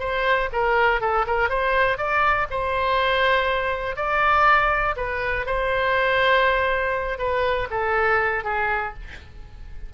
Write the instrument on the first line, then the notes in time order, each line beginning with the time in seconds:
oboe
0.00 C5
0.53 A#4
1.01 A4
1.27 A#4
1.50 C5
1.98 D5
2.51 C5
3.96 D5
4.97 B4
5.47 C5
7.19 B4
7.71 A4
8.45 G#4